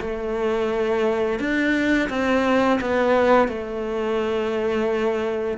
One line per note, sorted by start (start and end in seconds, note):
0.00 1.39 A3
1.39 2.09 D4
2.09 2.79 C4
2.81 3.48 B3
3.48 5.58 A3